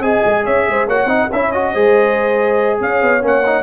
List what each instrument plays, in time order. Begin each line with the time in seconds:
0.00 tuba C4, trombone G#4, horn D#5, trumpet G#5
0.25 tuba G#3
0.44 tuba C#4, horn C#5, trumpet E5
0.68 tuba G#3, horn C5
0.88 tuba A#3, trombone F#4, horn C#5, trumpet F#5
1.06 tuba C4, trombone D#4, horn D#5
1.32 tuba C#4, trombone E4, horn C#5, trumpet E5
1.52 trombone F#4, trumpet D#5
1.73 tuba G#3, trombone G#4, horn C5
2.81 tuba C#4, horn C#5, trumpet F5
3.02 tuba B3
3.21 tuba A#3, trombone C#4, trumpet F#5
3.46 trombone D#4